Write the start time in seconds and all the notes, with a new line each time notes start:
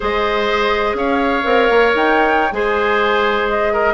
0.00 G#3 G#4 C5 D#5
0.93 C#4 C#5 F5
1.43 C4 A#4
1.70 A#3
1.95 D#4 G5
2.52 G#3 G#4 C5 G#5
3.48 D#5
3.73 A#4